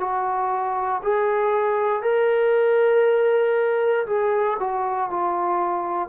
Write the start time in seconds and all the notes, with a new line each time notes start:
0.00 F#4
1.03 G#4
2.03 A#4
4.07 G#4
4.60 F#4
5.11 F4